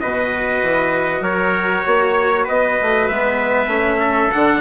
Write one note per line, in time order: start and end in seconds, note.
0.00 0.63 B2
0.00 3.11 F#4
0.00 1.22 B4
0.00 1.23 D#5
0.63 1.21 E3
1.21 1.82 F#3
1.21 1.84 A#4
1.21 2.47 C#5
1.86 2.48 A#3
1.86 2.44 C#5
2.44 2.80 B3
2.44 3.99 B4
2.44 3.08 D#5
2.82 3.09 A3
3.08 3.67 G#3
3.08 3.68 B3
3.08 4.32 E5
3.67 4.29 A3
3.67 4.30 C#4
4.00 4.61 A4
4.32 4.61 D3
4.32 4.61 D4
4.32 4.61 F#5